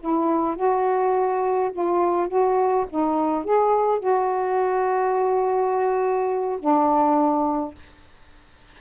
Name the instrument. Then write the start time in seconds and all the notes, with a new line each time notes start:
saxophone
0.00 E4
0.56 F#4
1.72 F4
2.28 F#4
2.90 D#4
3.44 G#4
3.99 F#4
6.59 D4